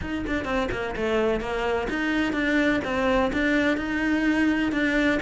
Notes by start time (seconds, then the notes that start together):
0.01 D#4
0.26 D4
0.44 C4
0.71 A#3
0.96 A3
1.40 A#3
1.89 D#4
2.33 D4
2.84 C4
3.32 D4
3.77 D#4
4.72 D4